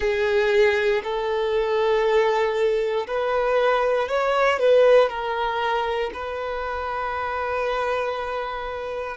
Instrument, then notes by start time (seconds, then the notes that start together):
violin
0.00 G#4
1.03 A4
3.07 B4
4.08 C#5
4.59 B4
5.08 A#4
6.13 B4